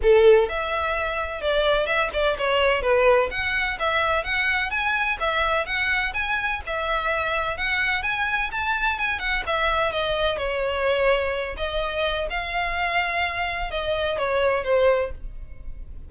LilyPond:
\new Staff \with { instrumentName = "violin" } { \time 4/4 \tempo 4 = 127 a'4 e''2 d''4 | e''8 d''8 cis''4 b'4 fis''4 | e''4 fis''4 gis''4 e''4 | fis''4 gis''4 e''2 |
fis''4 gis''4 a''4 gis''8 fis''8 | e''4 dis''4 cis''2~ | cis''8 dis''4. f''2~ | f''4 dis''4 cis''4 c''4 | }